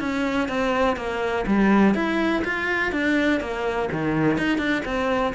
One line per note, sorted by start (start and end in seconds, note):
0.00 0.48 C#4
0.48 0.97 C4
0.97 1.45 A#3
1.47 1.94 G3
1.94 2.43 E4
2.45 2.92 F4
2.92 3.40 D4
3.40 3.89 A#3
3.92 4.37 D#3
4.37 4.58 D#4
4.58 4.83 D4
4.85 5.34 C4